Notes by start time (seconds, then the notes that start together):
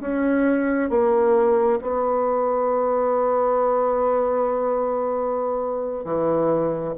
0.00 C#4
0.90 A#3
1.81 B3
6.04 E3